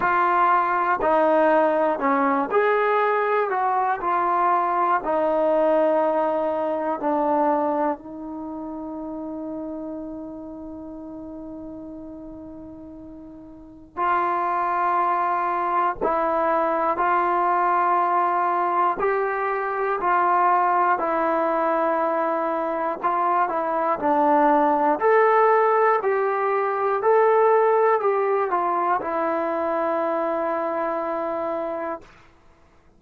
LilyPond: \new Staff \with { instrumentName = "trombone" } { \time 4/4 \tempo 4 = 60 f'4 dis'4 cis'8 gis'4 fis'8 | f'4 dis'2 d'4 | dis'1~ | dis'2 f'2 |
e'4 f'2 g'4 | f'4 e'2 f'8 e'8 | d'4 a'4 g'4 a'4 | g'8 f'8 e'2. | }